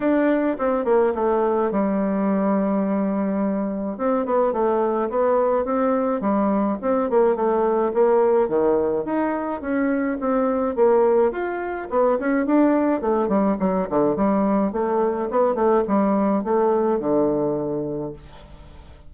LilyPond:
\new Staff \with { instrumentName = "bassoon" } { \time 4/4 \tempo 4 = 106 d'4 c'8 ais8 a4 g4~ | g2. c'8 b8 | a4 b4 c'4 g4 | c'8 ais8 a4 ais4 dis4 |
dis'4 cis'4 c'4 ais4 | f'4 b8 cis'8 d'4 a8 g8 | fis8 d8 g4 a4 b8 a8 | g4 a4 d2 | }